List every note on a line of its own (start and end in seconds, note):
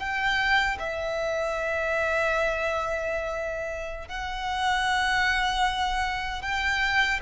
0.00 0.78 G5
0.79 4.09 E5
4.09 6.43 F#5
6.43 7.20 G5